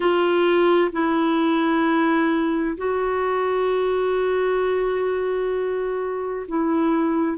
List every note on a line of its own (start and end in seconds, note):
0.00 0.91 F4
0.92 2.77 E4
2.77 6.46 F#4
6.48 7.37 E4